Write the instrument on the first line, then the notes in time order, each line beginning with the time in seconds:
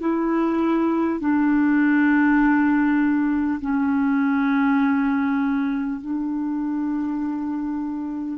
clarinet
0.00 E4
1.20 D4
3.60 C#4
6.01 D4